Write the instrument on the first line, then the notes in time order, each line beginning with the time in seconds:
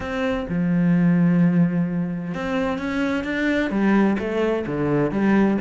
cello
0.00 C4
0.48 F3
2.34 C4
2.78 C#4
3.24 D4
3.70 G3
4.18 A3
4.66 D3
5.11 G3